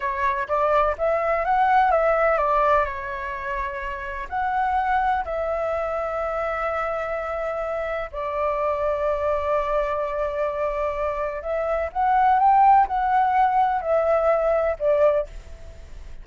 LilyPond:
\new Staff \with { instrumentName = "flute" } { \time 4/4 \tempo 4 = 126 cis''4 d''4 e''4 fis''4 | e''4 d''4 cis''2~ | cis''4 fis''2 e''4~ | e''1~ |
e''4 d''2.~ | d''1 | e''4 fis''4 g''4 fis''4~ | fis''4 e''2 d''4 | }